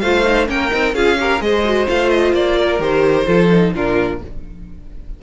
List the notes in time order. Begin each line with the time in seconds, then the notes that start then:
0.00 A3 F4 C5 F5
0.24 D#4
0.47 A#3 C#4 A#4 G5
0.71 C4 D#4
0.94 C#4 F4 G#4 F5
1.19 G4 A#4
1.40 G#3 G#4 C5 D#5
1.65 F#4
1.88 A3 F4 F5
2.10 D#5
2.34 A#3 D5
2.59 A#4
2.79 D#3 G4 C5
3.26 F3 F4 A4
3.52 D#4
3.75 A#2 D4 F4 A#4